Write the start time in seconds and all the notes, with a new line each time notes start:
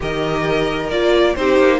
0.00 D#3 G4 A#4 D#5
0.90 A#3 F4 D5
1.35 C4 D#4 G4 C5
1.58 A#3